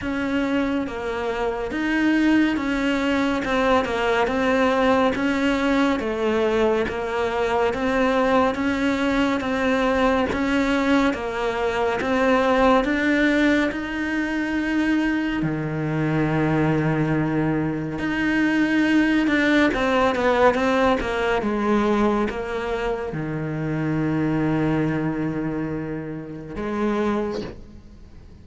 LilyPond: \new Staff \with { instrumentName = "cello" } { \time 4/4 \tempo 4 = 70 cis'4 ais4 dis'4 cis'4 | c'8 ais8 c'4 cis'4 a4 | ais4 c'4 cis'4 c'4 | cis'4 ais4 c'4 d'4 |
dis'2 dis2~ | dis4 dis'4. d'8 c'8 b8 | c'8 ais8 gis4 ais4 dis4~ | dis2. gis4 | }